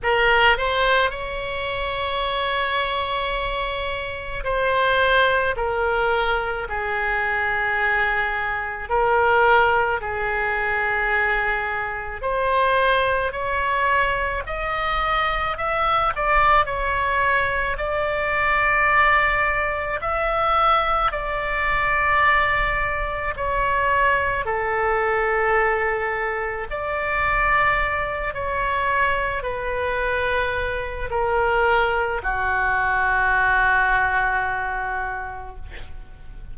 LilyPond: \new Staff \with { instrumentName = "oboe" } { \time 4/4 \tempo 4 = 54 ais'8 c''8 cis''2. | c''4 ais'4 gis'2 | ais'4 gis'2 c''4 | cis''4 dis''4 e''8 d''8 cis''4 |
d''2 e''4 d''4~ | d''4 cis''4 a'2 | d''4. cis''4 b'4. | ais'4 fis'2. | }